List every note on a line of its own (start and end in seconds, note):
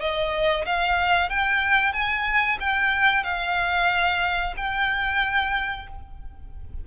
0.00 0.65 D#5
0.66 1.30 F5
1.30 1.93 G5
1.93 2.58 G#5
2.60 3.24 G5
3.24 4.54 F5
4.57 5.87 G5